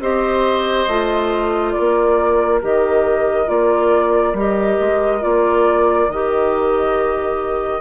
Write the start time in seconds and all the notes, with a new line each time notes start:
0.00 C4 G4 C5 D#5
0.88 A3 F4
1.72 A#4 D5
1.80 A#3
2.62 D#3 G4 D#5
3.47 A#3 F4 D5
4.34 G3 G4 D#5
4.80 G#3
5.21 A#3 F4 D5
6.09 D#3 G4 D#5